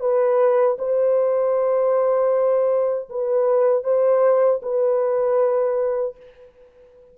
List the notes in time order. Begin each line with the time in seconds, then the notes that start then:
0.00 B4
0.78 C5
3.09 B4
3.84 C5
4.62 B4